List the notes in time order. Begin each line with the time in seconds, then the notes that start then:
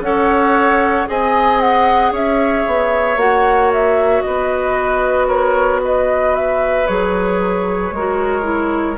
0.00 C#4 A4 C#5 F#5
1.06 C4 G#4 D#5 G#5
1.60 F#5
2.12 C#4 C#5 E5
2.66 B3
3.16 A#3 F#4 F#5
3.72 E5
4.21 B3 B4 D#5
5.27 A#4 C#5
5.84 B4 D#5
6.35 E5
6.87 F#3 G#4 C#5
7.91 G#3 F#4 A#4
8.42 E4